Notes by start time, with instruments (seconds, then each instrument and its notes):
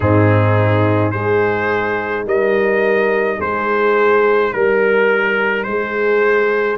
0.00 tuba G#2, trombone C4, horn D#4, trumpet G#4
1.11 tuba G#3, trombone D#4, horn G#4, trumpet C5
2.25 tuba G3, horn A#4, trumpet D#5
3.37 tuba G#3, horn G#4, trumpet C5
4.53 tuba G3, trumpet A#4, horn A#4
5.63 tuba G#3, horn G#4, trumpet C5